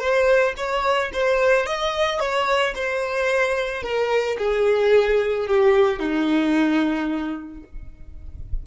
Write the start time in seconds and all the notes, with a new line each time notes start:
0.00 C5
0.57 C#5
1.13 C5
1.67 D#5
2.20 C#5
2.75 C5
3.83 A#4
4.39 G#4
5.48 G4
6.00 D#4